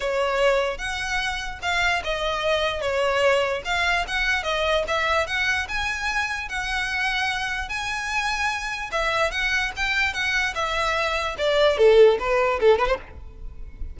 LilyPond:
\new Staff \with { instrumentName = "violin" } { \time 4/4 \tempo 4 = 148 cis''2 fis''2 | f''4 dis''2 cis''4~ | cis''4 f''4 fis''4 dis''4 | e''4 fis''4 gis''2 |
fis''2. gis''4~ | gis''2 e''4 fis''4 | g''4 fis''4 e''2 | d''4 a'4 b'4 a'8 b'16 c''16 | }